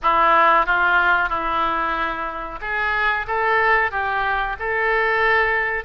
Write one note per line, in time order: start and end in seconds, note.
0.02 0.66 E4
0.66 1.29 F4
1.29 2.59 E4
2.61 3.26 G#4
3.27 3.91 A4
3.91 4.56 G4
4.59 5.84 A4